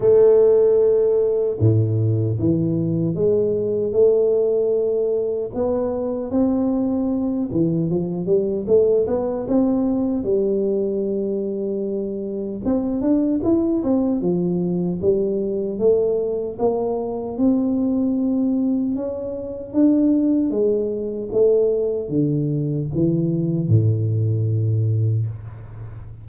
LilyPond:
\new Staff \with { instrumentName = "tuba" } { \time 4/4 \tempo 4 = 76 a2 a,4 e4 | gis4 a2 b4 | c'4. e8 f8 g8 a8 b8 | c'4 g2. |
c'8 d'8 e'8 c'8 f4 g4 | a4 ais4 c'2 | cis'4 d'4 gis4 a4 | d4 e4 a,2 | }